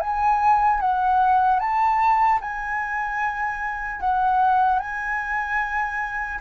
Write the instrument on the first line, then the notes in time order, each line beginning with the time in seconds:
flute
0.00 G#5
0.80 F#5
1.59 A5
2.40 G#5
4.00 F#5
4.79 G#5